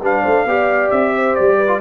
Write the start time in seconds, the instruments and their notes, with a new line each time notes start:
0.00 tuba G3, trombone D4, horn B4, trumpet F5
0.22 tuba A3, horn C5
0.45 tuba B3, trombone G4, horn D5
0.90 tuba C4, trumpet E5
1.15 horn C5
1.35 tuba G3, trumpet D5
1.57 horn B4
1.67 trombone F4